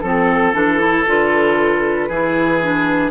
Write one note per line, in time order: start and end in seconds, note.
0.00 0.53 F3
0.00 0.53 C4
0.00 1.03 A4
0.00 2.08 A4
0.53 1.05 E3
0.53 0.79 D4
0.79 1.05 E4
1.06 2.08 D3
1.06 2.10 F4
1.06 3.10 B4
2.08 3.10 E3
2.08 2.62 E4
2.08 3.10 G#4
2.62 3.10 D4